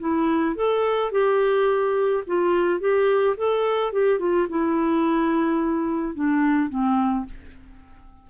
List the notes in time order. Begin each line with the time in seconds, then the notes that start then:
0.00 E4
0.56 A4
1.12 G4
2.27 F4
2.80 G4
3.37 A4
3.93 G4
4.20 F4
4.49 E4
6.15 D4
6.70 C4